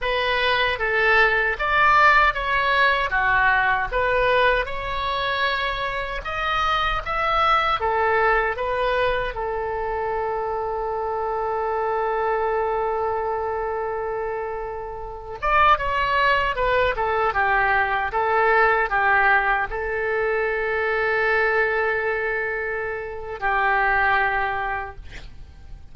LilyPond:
\new Staff \with { instrumentName = "oboe" } { \time 4/4 \tempo 4 = 77 b'4 a'4 d''4 cis''4 | fis'4 b'4 cis''2 | dis''4 e''4 a'4 b'4 | a'1~ |
a'2.~ a'8. d''16~ | d''16 cis''4 b'8 a'8 g'4 a'8.~ | a'16 g'4 a'2~ a'8.~ | a'2 g'2 | }